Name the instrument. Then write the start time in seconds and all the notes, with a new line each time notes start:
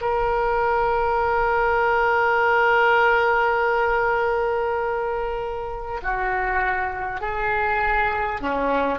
oboe
0.00 A#4
6.02 F#4
7.20 G#4
8.41 C#4